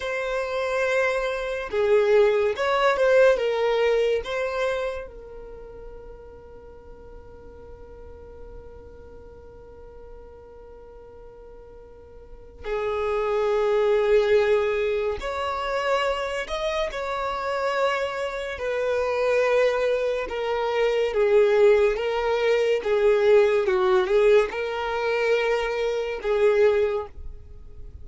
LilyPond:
\new Staff \with { instrumentName = "violin" } { \time 4/4 \tempo 4 = 71 c''2 gis'4 cis''8 c''8 | ais'4 c''4 ais'2~ | ais'1~ | ais'2. gis'4~ |
gis'2 cis''4. dis''8 | cis''2 b'2 | ais'4 gis'4 ais'4 gis'4 | fis'8 gis'8 ais'2 gis'4 | }